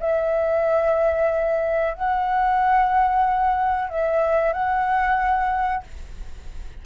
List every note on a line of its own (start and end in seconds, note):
0.00 1.94 E5
1.94 3.89 F#5
3.89 4.53 E5
4.53 5.83 F#5